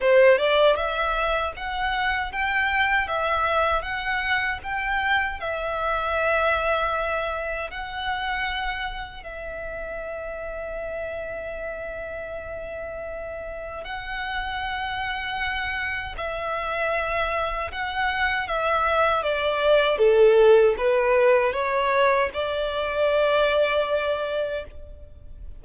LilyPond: \new Staff \with { instrumentName = "violin" } { \time 4/4 \tempo 4 = 78 c''8 d''8 e''4 fis''4 g''4 | e''4 fis''4 g''4 e''4~ | e''2 fis''2 | e''1~ |
e''2 fis''2~ | fis''4 e''2 fis''4 | e''4 d''4 a'4 b'4 | cis''4 d''2. | }